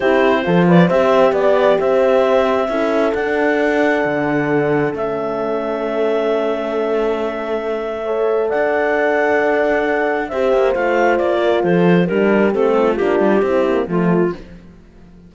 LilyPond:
<<
  \new Staff \with { instrumentName = "clarinet" } { \time 4/4 \tempo 4 = 134 c''4. d''8 e''4 d''4 | e''2. fis''4~ | fis''2. e''4~ | e''1~ |
e''2. fis''4~ | fis''2. e''4 | f''4 d''4 c''4 ais'4 | a'4 g'2 f'4 | }
  \new Staff \with { instrumentName = "horn" } { \time 4/4 g'4 a'8 b'8 c''4 d''4 | c''2 a'2~ | a'1~ | a'1~ |
a'2 cis''4 d''4~ | d''2. c''4~ | c''4. ais'8 a'4 g'4~ | g'8 f'4. e'4 f'4 | }
  \new Staff \with { instrumentName = "horn" } { \time 4/4 e'4 f'4 g'2~ | g'2 e'4 d'4~ | d'2. cis'4~ | cis'1~ |
cis'2 a'2~ | a'2. g'4 | f'2. d'4 | c'4 d'4 c'8 ais8 a4 | }
  \new Staff \with { instrumentName = "cello" } { \time 4/4 c'4 f4 c'4 b4 | c'2 cis'4 d'4~ | d'4 d2 a4~ | a1~ |
a2. d'4~ | d'2. c'8 ais8 | a4 ais4 f4 g4 | a4 ais8 g8 c'4 f4 | }
>>